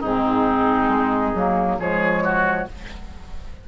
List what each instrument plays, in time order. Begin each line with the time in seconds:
0.00 bassoon G#2, clarinet C4, oboe D#4, flute G#4
0.88 bassoon G#3
1.35 bassoon F#3, clarinet A#3
1.79 bassoon F3, clarinet G#3, oboe G#4, flute C#5
2.24 oboe F#4